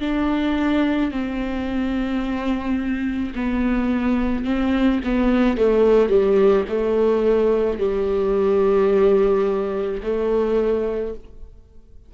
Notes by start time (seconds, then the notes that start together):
0.00 D4
1.11 C4
3.35 B3
4.44 C4
5.04 B3
5.57 A3
6.09 G3
6.68 A3
7.79 G3
10.03 A3